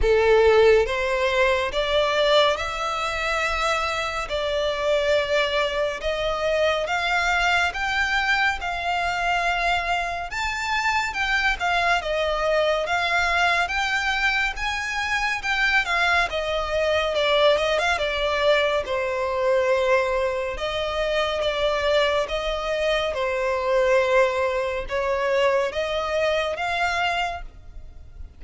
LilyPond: \new Staff \with { instrumentName = "violin" } { \time 4/4 \tempo 4 = 70 a'4 c''4 d''4 e''4~ | e''4 d''2 dis''4 | f''4 g''4 f''2 | a''4 g''8 f''8 dis''4 f''4 |
g''4 gis''4 g''8 f''8 dis''4 | d''8 dis''16 f''16 d''4 c''2 | dis''4 d''4 dis''4 c''4~ | c''4 cis''4 dis''4 f''4 | }